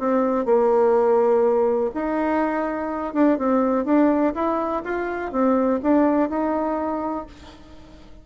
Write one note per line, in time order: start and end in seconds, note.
0.00 0.46 C4
0.46 1.91 A#3
1.95 3.14 D#4
3.14 3.38 D4
3.39 3.86 C4
3.86 4.34 D4
4.35 4.83 E4
4.85 5.32 F4
5.32 5.81 C4
5.83 6.30 D4
6.30 7.27 D#4